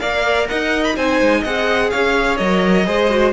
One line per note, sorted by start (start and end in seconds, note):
0.00 0.50 A#3
0.00 0.96 A#4
0.00 0.49 D5
0.00 0.48 F5
0.49 0.97 D#4
0.49 0.96 D#5
0.49 0.84 F#5
0.84 0.96 B5
0.96 1.21 C4
0.96 1.46 D#4
0.96 1.41 C5
0.96 1.44 G#5
1.21 1.45 G#3
1.41 1.93 C4
1.41 2.40 G#4
1.41 1.88 D#5
1.41 1.91 F#5
1.91 2.40 C#4
1.91 2.87 C#5
1.91 2.37 F5
2.37 2.87 F#3
2.37 2.86 A#4
2.37 3.32 D#5
2.86 3.33 G#3
2.86 3.09 G#4
2.86 3.33 C5
3.10 3.33 F#4